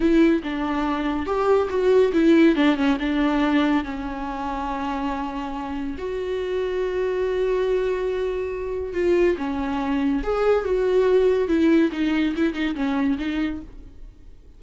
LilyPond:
\new Staff \with { instrumentName = "viola" } { \time 4/4 \tempo 4 = 141 e'4 d'2 g'4 | fis'4 e'4 d'8 cis'8 d'4~ | d'4 cis'2.~ | cis'2 fis'2~ |
fis'1~ | fis'4 f'4 cis'2 | gis'4 fis'2 e'4 | dis'4 e'8 dis'8 cis'4 dis'4 | }